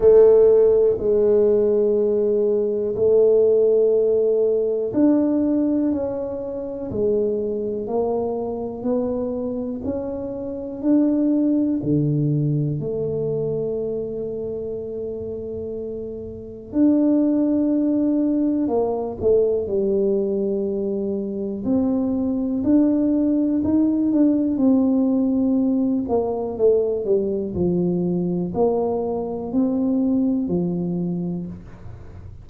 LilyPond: \new Staff \with { instrumentName = "tuba" } { \time 4/4 \tempo 4 = 61 a4 gis2 a4~ | a4 d'4 cis'4 gis4 | ais4 b4 cis'4 d'4 | d4 a2.~ |
a4 d'2 ais8 a8 | g2 c'4 d'4 | dis'8 d'8 c'4. ais8 a8 g8 | f4 ais4 c'4 f4 | }